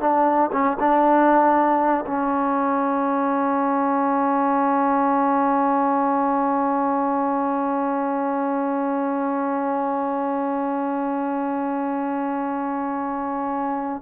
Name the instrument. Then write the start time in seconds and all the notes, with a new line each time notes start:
trombone
0.00 D4
0.52 C#4
0.79 D4
2.06 C#4